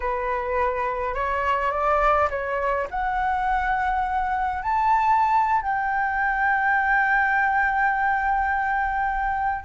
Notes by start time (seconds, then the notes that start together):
0.00 B4
1.14 C#5
1.71 D5
2.30 C#5
2.90 F#5
4.62 A5
5.61 G5